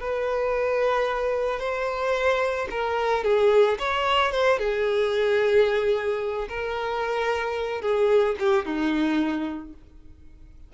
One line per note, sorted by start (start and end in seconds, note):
0.00 1.59 B4
1.59 2.68 C5
2.70 3.24 A#4
3.24 3.78 G#4
3.79 4.31 C#5
4.31 4.58 C5
4.58 6.47 G#4
6.48 7.81 A#4
7.81 8.35 G#4
8.39 8.65 G4
8.65 9.73 D#4